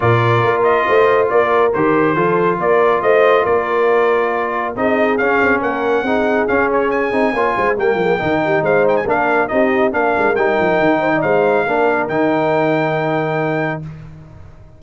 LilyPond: <<
  \new Staff \with { instrumentName = "trumpet" } { \time 4/4 \tempo 4 = 139 d''4. dis''4. d''4 | c''2 d''4 dis''4 | d''2. dis''4 | f''4 fis''2 f''8 cis''8 |
gis''2 g''2 | f''8 g''16 gis''16 f''4 dis''4 f''4 | g''2 f''2 | g''1 | }
  \new Staff \with { instrumentName = "horn" } { \time 4/4 ais'2 c''4 ais'4~ | ais'4 a'4 ais'4 c''4 | ais'2. gis'4~ | gis'4 ais'4 gis'2~ |
gis'4 cis''8 c''8 ais'8 gis'8 ais'8 g'8 | c''4 ais'4 g'4 ais'4~ | ais'4. c''16 d''16 c''4 ais'4~ | ais'1 | }
  \new Staff \with { instrumentName = "trombone" } { \time 4/4 f'1 | g'4 f'2.~ | f'2. dis'4 | cis'2 dis'4 cis'4~ |
cis'8 dis'8 f'4 ais4 dis'4~ | dis'4 d'4 dis'4 d'4 | dis'2. d'4 | dis'1 | }
  \new Staff \with { instrumentName = "tuba" } { \time 4/4 ais,4 ais4 a4 ais4 | dis4 f4 ais4 a4 | ais2. c'4 | cis'8 c'8 ais4 c'4 cis'4~ |
cis'8 c'8 ais8 gis8 g8 f8 dis4 | gis4 ais4 c'4 ais8 gis8 | g8 f8 dis4 gis4 ais4 | dis1 | }
>>